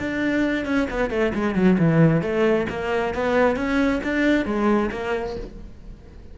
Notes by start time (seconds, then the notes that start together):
0.00 D4
0.66 C#4
0.90 B3
1.10 A3
1.34 G#3
1.55 F#3
1.79 E3
2.22 A3
2.70 A#3
3.14 B3
3.56 C#4
4.04 D4
4.46 G#3
4.92 A#3